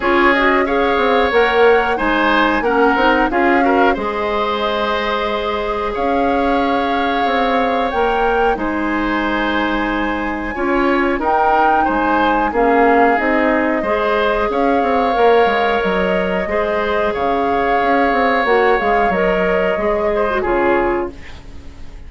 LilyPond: <<
  \new Staff \with { instrumentName = "flute" } { \time 4/4 \tempo 4 = 91 cis''8 dis''8 f''4 fis''4 gis''4 | fis''4 f''4 dis''2~ | dis''4 f''2. | g''4 gis''2.~ |
gis''4 g''4 gis''4 f''4 | dis''2 f''2 | dis''2 f''2 | fis''8 f''8 dis''2 cis''4 | }
  \new Staff \with { instrumentName = "oboe" } { \time 4/4 gis'4 cis''2 c''4 | ais'4 gis'8 ais'8 c''2~ | c''4 cis''2.~ | cis''4 c''2. |
cis''4 ais'4 c''4 gis'4~ | gis'4 c''4 cis''2~ | cis''4 c''4 cis''2~ | cis''2~ cis''8 c''8 gis'4 | }
  \new Staff \with { instrumentName = "clarinet" } { \time 4/4 f'8 fis'8 gis'4 ais'4 dis'4 | cis'8 dis'8 f'8 fis'8 gis'2~ | gis'1 | ais'4 dis'2. |
f'4 dis'2 cis'4 | dis'4 gis'2 ais'4~ | ais'4 gis'2. | fis'8 gis'8 ais'4 gis'8. fis'16 f'4 | }
  \new Staff \with { instrumentName = "bassoon" } { \time 4/4 cis'4. c'8 ais4 gis4 | ais8 c'8 cis'4 gis2~ | gis4 cis'2 c'4 | ais4 gis2. |
cis'4 dis'4 gis4 ais4 | c'4 gis4 cis'8 c'8 ais8 gis8 | fis4 gis4 cis4 cis'8 c'8 | ais8 gis8 fis4 gis4 cis4 | }
>>